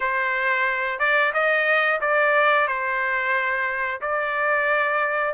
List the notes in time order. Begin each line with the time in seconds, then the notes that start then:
0.00 C5
0.98 D5
1.33 D#5
2.00 D5
2.67 C5
4.01 D5